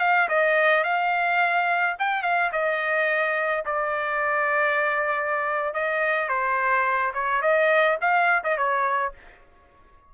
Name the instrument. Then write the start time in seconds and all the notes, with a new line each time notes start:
trumpet
0.00 F5
0.29 D#5
0.84 F5
1.99 G5
2.23 F5
2.52 D#5
3.66 D5
5.74 D#5
6.29 C5
7.14 C#5
7.42 D#5
8.01 F5
8.44 D#5
8.57 C#5